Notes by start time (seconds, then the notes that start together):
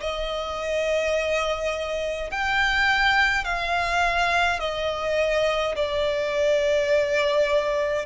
0.00 D#5
2.30 G5
3.44 F5
4.59 D#5
5.75 D5